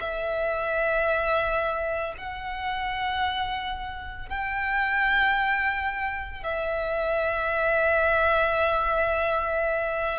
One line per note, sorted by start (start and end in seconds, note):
0.00 2.14 E5
2.17 4.29 F#5
4.29 6.43 G5
6.44 10.19 E5